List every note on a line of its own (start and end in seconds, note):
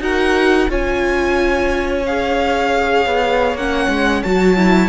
0.00 0.67 D#4
0.00 0.69 F#4
0.00 0.70 A#4
0.00 0.69 F#5
0.69 3.05 C#4
0.69 2.04 F4
0.69 4.89 C#5
0.69 2.06 G#5
2.06 3.58 G#4
2.06 3.56 F5
3.05 3.54 B3
3.54 3.87 A#3
3.54 4.25 C#4
3.54 4.23 F#5
3.88 4.22 G#3
4.23 4.89 F#3
4.23 4.56 F#4
4.23 4.89 A5
4.56 4.89 E4